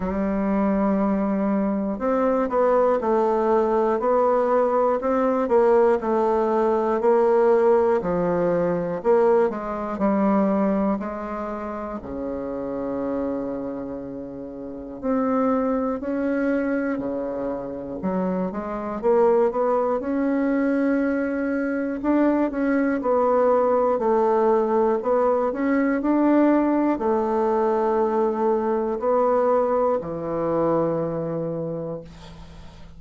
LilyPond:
\new Staff \with { instrumentName = "bassoon" } { \time 4/4 \tempo 4 = 60 g2 c'8 b8 a4 | b4 c'8 ais8 a4 ais4 | f4 ais8 gis8 g4 gis4 | cis2. c'4 |
cis'4 cis4 fis8 gis8 ais8 b8 | cis'2 d'8 cis'8 b4 | a4 b8 cis'8 d'4 a4~ | a4 b4 e2 | }